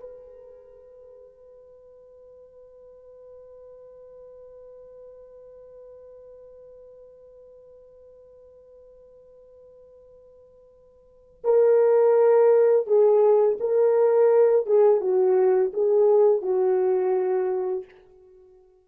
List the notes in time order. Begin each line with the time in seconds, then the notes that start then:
0.00 B4
11.44 A#4
12.87 G#4
13.60 A#4
14.67 G#4
15.01 F#4
15.74 G#4
16.42 F#4